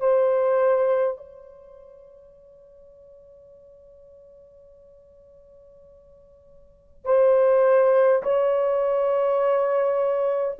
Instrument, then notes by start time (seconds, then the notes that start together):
horn
0.00 C5
1.18 C#5
7.05 C5
8.24 C#5